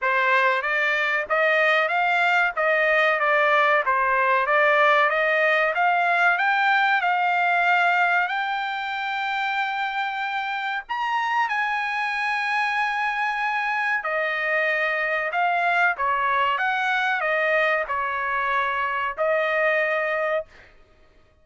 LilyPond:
\new Staff \with { instrumentName = "trumpet" } { \time 4/4 \tempo 4 = 94 c''4 d''4 dis''4 f''4 | dis''4 d''4 c''4 d''4 | dis''4 f''4 g''4 f''4~ | f''4 g''2.~ |
g''4 ais''4 gis''2~ | gis''2 dis''2 | f''4 cis''4 fis''4 dis''4 | cis''2 dis''2 | }